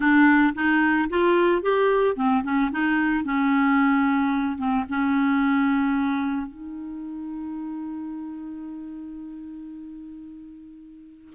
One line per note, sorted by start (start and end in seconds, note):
0.00 0.53 D4
0.55 1.09 D#4
1.09 1.62 F4
1.62 2.16 G4
2.16 2.43 C4
2.43 2.70 C#4
2.71 3.24 D#4
3.24 4.57 C#4
4.57 4.85 C4
4.89 6.46 C#4
6.46 11.33 D#4